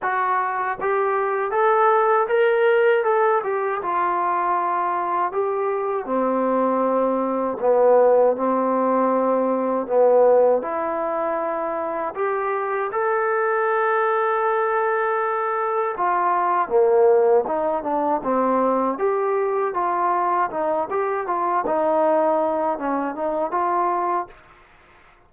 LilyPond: \new Staff \with { instrumentName = "trombone" } { \time 4/4 \tempo 4 = 79 fis'4 g'4 a'4 ais'4 | a'8 g'8 f'2 g'4 | c'2 b4 c'4~ | c'4 b4 e'2 |
g'4 a'2.~ | a'4 f'4 ais4 dis'8 d'8 | c'4 g'4 f'4 dis'8 g'8 | f'8 dis'4. cis'8 dis'8 f'4 | }